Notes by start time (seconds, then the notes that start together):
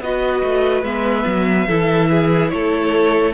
0.00 B3 F#4 B4 D#5
0.43 A3
0.83 G#3 B3 E5
1.26 F#3
1.67 E3 E4 A4
2.10 G#4
2.50 A3 A4 C#5